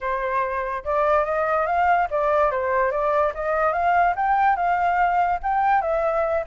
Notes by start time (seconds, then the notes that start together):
0.00 C5
0.84 D5
1.24 D#5
1.66 F5
2.10 D5
2.51 C5
2.91 D5
3.34 D#5
3.73 F5
4.16 G5
4.56 F5
5.43 G5
5.81 E5